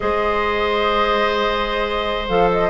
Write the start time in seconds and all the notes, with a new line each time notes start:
0.00 G#3 G#4 C5 D#5
2.28 F3 A4 F5
2.51 D#5